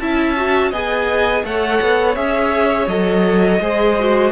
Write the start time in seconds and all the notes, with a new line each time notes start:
0.00 C#4 E4 E5 A5
0.37 F#4
0.71 B3 G#4 D#5 G#5
1.44 A3 A4 C#5 F#5
1.81 B3
2.15 C#4 G#4 E5
2.87 F#3 A4 D#5
3.60 G#3 G#4 C5
4.00 F#4